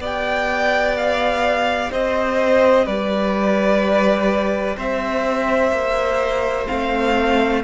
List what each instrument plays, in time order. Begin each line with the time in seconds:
0.00 cello B3, viola G4, violin D5 G5
0.97 violin F5
1.91 cello C4, violin C5 D#5
2.86 cello G3, violin B4 D5
4.77 cello C4, violin C5 E5
5.72 cello A#3
6.67 cello A3, viola C4, violin F5